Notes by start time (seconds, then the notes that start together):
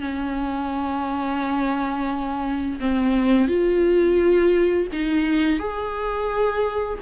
0.00 C#4
2.80 C4
3.48 F4
4.92 D#4
5.59 G#4